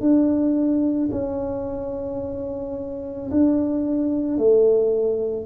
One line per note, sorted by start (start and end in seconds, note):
0.00 1.09 D4
1.12 3.30 C#4
3.30 4.37 D4
4.37 5.45 A3